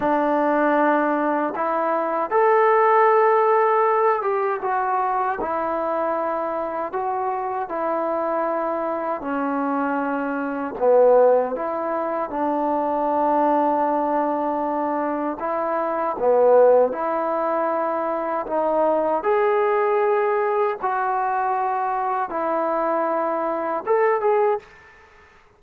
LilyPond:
\new Staff \with { instrumentName = "trombone" } { \time 4/4 \tempo 4 = 78 d'2 e'4 a'4~ | a'4. g'8 fis'4 e'4~ | e'4 fis'4 e'2 | cis'2 b4 e'4 |
d'1 | e'4 b4 e'2 | dis'4 gis'2 fis'4~ | fis'4 e'2 a'8 gis'8 | }